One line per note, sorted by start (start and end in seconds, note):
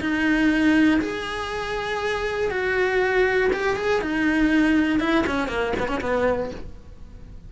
0.00 1.00 D#4
1.01 2.50 G#4
2.50 3.50 F#4
3.53 3.76 G4
3.76 4.01 G#4
4.01 4.99 D#4
4.99 5.24 E4
5.26 5.48 C#4
5.48 5.73 A#3
5.79 5.88 B3
5.88 6.00 C#4
6.01 6.51 B3